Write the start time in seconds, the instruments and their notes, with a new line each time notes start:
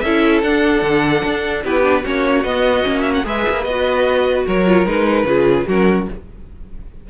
0.00 cello C#4, viola E4, violin A4 E5
0.41 cello D4, viola D4, violin F#5
0.82 cello D3
1.24 cello D4
1.63 cello B3, viola E4, violin G4 B4
1.82 viola D4
2.03 cello A#3, viola C#4, violin F#4 C#5
2.43 cello B3, viola B3, violin D#5
2.83 cello A#3, viola C#4
3.01 violin E5
3.14 violin F#5
3.24 cello G#3, viola G#4, violin B4 E5
3.49 cello A#3
3.63 cello B3, violin D#5
3.70 viola F#4
4.46 cello F#3, violin A#4 C#5
4.66 viola F4
4.85 cello G#3, viola D#4, violin B4
5.23 cello C#3, viola F4, violin G#4
5.67 cello F#3, viola C#4, violin F#4 A#4